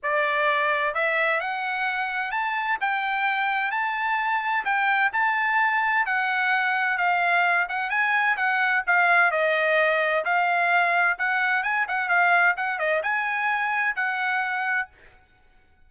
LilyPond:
\new Staff \with { instrumentName = "trumpet" } { \time 4/4 \tempo 4 = 129 d''2 e''4 fis''4~ | fis''4 a''4 g''2 | a''2 g''4 a''4~ | a''4 fis''2 f''4~ |
f''8 fis''8 gis''4 fis''4 f''4 | dis''2 f''2 | fis''4 gis''8 fis''8 f''4 fis''8 dis''8 | gis''2 fis''2 | }